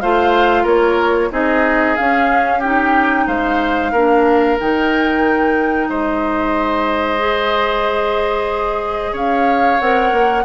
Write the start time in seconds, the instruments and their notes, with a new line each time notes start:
0.00 bassoon A3, clarinet F4, oboe C5, flute F5
0.63 bassoon A#3, oboe A#4, flute C#5
1.30 bassoon C4, clarinet D#4, oboe G#4, flute D#5
1.96 clarinet C#4, bassoon C#4, flute F5
2.58 clarinet D#4, oboe G4, flute G5
3.27 bassoon G#3, oboe C5, flute F5
3.92 bassoon A#3, clarinet D4, oboe A#4
4.59 bassoon D#3, clarinet D#4, flute G5
5.88 bassoon G#3, oboe C5, flute D#5
7.18 clarinet G#4
9.12 bassoon C#4, oboe C#5, flute F5
9.79 bassoon C4, clarinet A#4, flute F#5
10.11 bassoon A#3